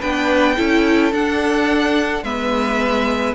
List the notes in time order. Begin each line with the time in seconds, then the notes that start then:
0.00 B3 D4 B4 G5
0.56 C#4 E4 A4
1.12 D4 F#5
2.23 G#3 B3 B4 E5